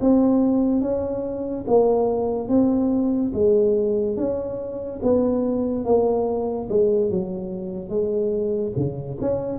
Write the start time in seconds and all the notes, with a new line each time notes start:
0.00 C4
0.81 C#4
1.67 A#3
2.48 C4
3.33 G#3
4.16 C#4
5.02 B3
5.84 A#3
6.69 G#3
7.10 F#3
7.89 G#3
8.76 C#3
9.20 C#4